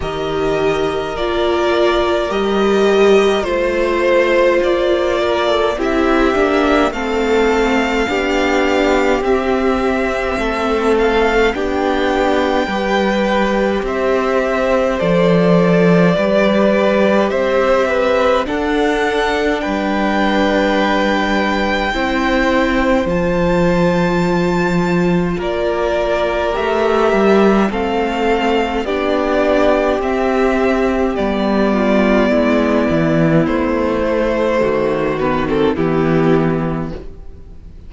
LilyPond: <<
  \new Staff \with { instrumentName = "violin" } { \time 4/4 \tempo 4 = 52 dis''4 d''4 dis''4 c''4 | d''4 e''4 f''2 | e''4. f''8 g''2 | e''4 d''2 e''4 |
fis''4 g''2. | a''2 d''4 e''4 | f''4 d''4 e''4 d''4~ | d''4 c''4. b'16 a'16 g'4 | }
  \new Staff \with { instrumentName = "violin" } { \time 4/4 ais'2. c''4~ | c''8 ais'16 a'16 g'4 a'4 g'4~ | g'4 a'4 g'4 b'4 | c''2 b'4 c''8 b'8 |
a'4 b'2 c''4~ | c''2 ais'2 | a'4 g'2~ g'8 f'8 | e'2 fis'4 e'4 | }
  \new Staff \with { instrumentName = "viola" } { \time 4/4 g'4 f'4 g'4 f'4~ | f'4 e'8 d'8 c'4 d'4 | c'2 d'4 g'4~ | g'4 a'4 g'2 |
d'2. e'4 | f'2. g'4 | c'4 d'4 c'4 b4~ | b4. a4 b16 c'16 b4 | }
  \new Staff \with { instrumentName = "cello" } { \time 4/4 dis4 ais4 g4 a4 | ais4 c'8 ais8 a4 b4 | c'4 a4 b4 g4 | c'4 f4 g4 c'4 |
d'4 g2 c'4 | f2 ais4 a8 g8 | a4 b4 c'4 g4 | gis8 e8 a4 dis4 e4 | }
>>